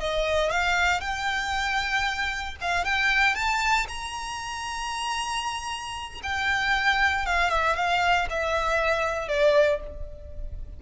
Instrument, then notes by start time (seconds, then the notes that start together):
violin
0.00 D#5
0.51 F5
1.01 G5
2.61 F5
2.84 G5
3.35 A5
3.88 A#5
6.23 G5
7.26 F5
7.50 E5
7.76 F5
8.30 E5
9.28 D5